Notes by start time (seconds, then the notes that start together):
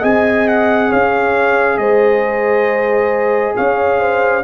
0.00 C4 G#4 D#5 G#5
0.48 F#5
0.90 C#4 C#5 F5
1.78 G#3 C5 D#5
3.57 C#4 C#5 F5
4.00 C5